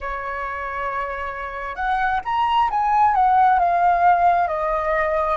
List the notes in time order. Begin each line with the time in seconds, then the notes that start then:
0.00 C#5
1.75 F#5
2.24 A#5
2.70 G#5
3.14 F#5
3.59 F5
4.47 D#5